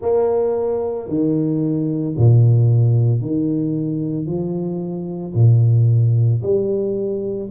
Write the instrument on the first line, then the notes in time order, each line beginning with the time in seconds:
tuba
0.01 A#3
1.08 D#3
2.17 A#2
3.21 D#3
4.26 F3
5.34 A#2
6.42 G3